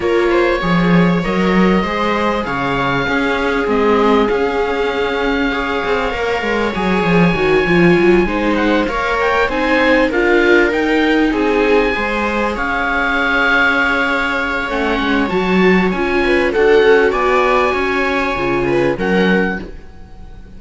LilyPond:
<<
  \new Staff \with { instrumentName = "oboe" } { \time 4/4 \tempo 4 = 98 cis''2 dis''2 | f''2 dis''4 f''4~ | f''2. gis''4~ | gis''2 fis''8 f''8 g''8 gis''8~ |
gis''8 f''4 g''4 gis''4.~ | gis''8 f''2.~ f''8 | fis''4 a''4 gis''4 fis''4 | gis''2. fis''4 | }
  \new Staff \with { instrumentName = "viola" } { \time 4/4 ais'8 c''8 cis''2 c''4 | cis''4 gis'2.~ | gis'4 cis''2.~ | cis''4. c''4 cis''4 c''8~ |
c''8 ais'2 gis'4 c''8~ | c''8 cis''2.~ cis''8~ | cis''2~ cis''8 b'8 a'4 | d''4 cis''4. b'8 ais'4 | }
  \new Staff \with { instrumentName = "viola" } { \time 4/4 f'4 gis'4 ais'4 gis'4~ | gis'4 cis'4 c'4 cis'4~ | cis'4 gis'4 ais'4 gis'4 | fis'8 f'4 dis'4 ais'4 dis'8~ |
dis'8 f'4 dis'2 gis'8~ | gis'1 | cis'4 fis'4 f'4 fis'4~ | fis'2 f'4 cis'4 | }
  \new Staff \with { instrumentName = "cello" } { \time 4/4 ais4 f4 fis4 gis4 | cis4 cis'4 gis4 cis'4~ | cis'4. c'8 ais8 gis8 fis8 f8 | dis8 f8 fis8 gis4 ais4 c'8~ |
c'8 d'4 dis'4 c'4 gis8~ | gis8 cis'2.~ cis'8 | a8 gis8 fis4 cis'4 d'8 cis'8 | b4 cis'4 cis4 fis4 | }
>>